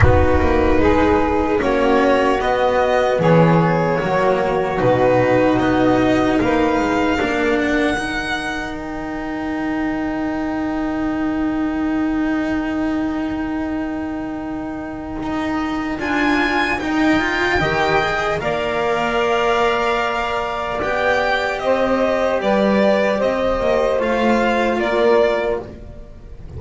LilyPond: <<
  \new Staff \with { instrumentName = "violin" } { \time 4/4 \tempo 4 = 75 b'2 cis''4 dis''4 | cis''2 b'4 dis''4 | f''4. fis''4. g''4~ | g''1~ |
g''1 | gis''4 g''2 f''4~ | f''2 g''4 dis''4 | d''4 dis''4 f''4 d''4 | }
  \new Staff \with { instrumentName = "saxophone" } { \time 4/4 fis'4 gis'4 fis'2 | gis'4 fis'2. | b'4 ais'2.~ | ais'1~ |
ais'1~ | ais'2 dis''4 d''4~ | d''2. c''4 | b'4 c''2 ais'4 | }
  \new Staff \with { instrumentName = "cello" } { \time 4/4 dis'2 cis'4 b4~ | b4 ais4 dis'2~ | dis'4 d'4 dis'2~ | dis'1~ |
dis'1 | f'4 dis'8 f'8 g'8 gis'8 ais'4~ | ais'2 g'2~ | g'2 f'2 | }
  \new Staff \with { instrumentName = "double bass" } { \time 4/4 b8 ais8 gis4 ais4 b4 | e4 fis4 b,4 b4 | ais8 gis8 ais4 dis2~ | dis1~ |
dis2. dis'4 | d'4 dis'4 dis4 ais4~ | ais2 b4 c'4 | g4 c'8 ais8 a4 ais4 | }
>>